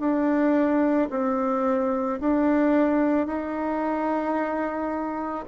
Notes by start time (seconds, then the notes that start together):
0.00 D4
1.11 C4
2.21 D4
3.27 D#4